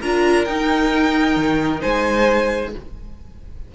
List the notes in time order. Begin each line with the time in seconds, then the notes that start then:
0.00 D4 F4 A#4 A#5
0.45 D#4 G5
1.36 D#3
1.81 G#3 C5 G#5